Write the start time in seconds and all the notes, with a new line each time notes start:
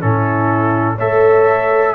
0.00 A2 C#4 E4 A4
0.95 A3 A4 C#5 E5